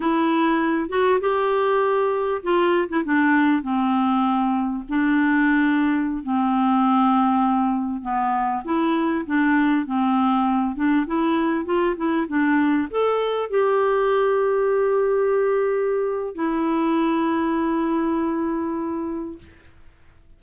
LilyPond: \new Staff \with { instrumentName = "clarinet" } { \time 4/4 \tempo 4 = 99 e'4. fis'8 g'2 | f'8. e'16 d'4 c'2 | d'2~ d'16 c'4.~ c'16~ | c'4~ c'16 b4 e'4 d'8.~ |
d'16 c'4. d'8 e'4 f'8 e'16~ | e'16 d'4 a'4 g'4.~ g'16~ | g'2. e'4~ | e'1 | }